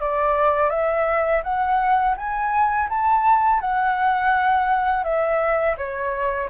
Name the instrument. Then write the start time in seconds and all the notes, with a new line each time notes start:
flute
0.00 D5
0.69 E5
1.43 F#5
2.17 G#5
2.89 A5
3.60 F#5
5.03 E5
5.77 C#5